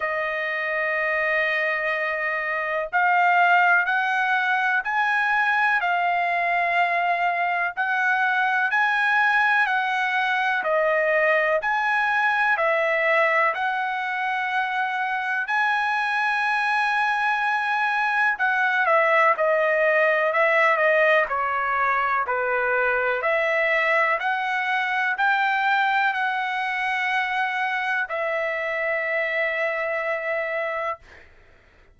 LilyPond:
\new Staff \with { instrumentName = "trumpet" } { \time 4/4 \tempo 4 = 62 dis''2. f''4 | fis''4 gis''4 f''2 | fis''4 gis''4 fis''4 dis''4 | gis''4 e''4 fis''2 |
gis''2. fis''8 e''8 | dis''4 e''8 dis''8 cis''4 b'4 | e''4 fis''4 g''4 fis''4~ | fis''4 e''2. | }